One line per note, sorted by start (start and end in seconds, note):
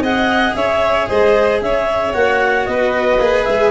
0.00 0.53 C4
0.00 2.14 G#4
0.00 0.55 D#5
0.00 0.55 F#5
0.55 1.08 C#4
0.55 1.08 C#5
0.55 1.08 E5
1.08 1.61 G#3
1.08 1.61 C5
1.08 1.60 D#5
1.61 2.13 C#4
1.61 2.70 C#5
1.61 2.13 E5
2.13 2.67 A#3
2.13 3.19 F#4
2.13 2.65 F#5
2.65 3.19 B3
2.65 3.71 B4
2.65 3.44 D#5
3.19 3.45 A#3
3.19 3.71 G#4
3.44 3.71 G#3
3.44 3.71 E5